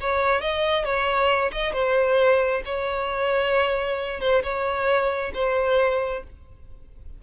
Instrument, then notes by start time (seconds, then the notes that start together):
violin
0.00 C#5
0.41 D#5
0.84 C#5
1.52 D#5
1.73 C5
2.65 C#5
4.20 C5
4.43 C#5
5.34 C5